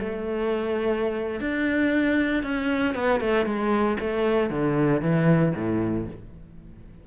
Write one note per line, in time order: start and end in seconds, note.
0.00 1.41 A3
1.41 2.43 D4
2.43 2.95 C#4
2.95 3.21 B3
3.21 3.46 A3
3.46 3.98 G#3
4.00 4.50 A3
4.50 5.02 D3
5.02 5.54 E3
5.56 6.07 A2